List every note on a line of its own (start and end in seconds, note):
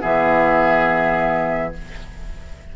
0.00 1.76 E3
0.00 1.73 B3
0.00 1.74 G#4
0.00 1.74 E5